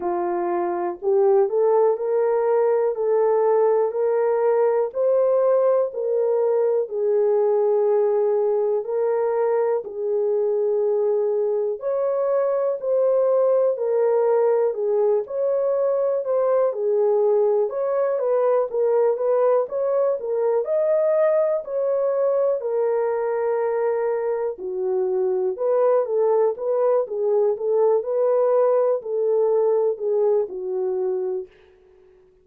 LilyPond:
\new Staff \with { instrumentName = "horn" } { \time 4/4 \tempo 4 = 61 f'4 g'8 a'8 ais'4 a'4 | ais'4 c''4 ais'4 gis'4~ | gis'4 ais'4 gis'2 | cis''4 c''4 ais'4 gis'8 cis''8~ |
cis''8 c''8 gis'4 cis''8 b'8 ais'8 b'8 | cis''8 ais'8 dis''4 cis''4 ais'4~ | ais'4 fis'4 b'8 a'8 b'8 gis'8 | a'8 b'4 a'4 gis'8 fis'4 | }